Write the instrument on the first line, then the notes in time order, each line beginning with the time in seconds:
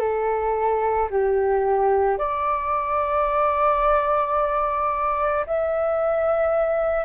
flute
0.00 A4
1.10 G4
2.18 D5
5.46 E5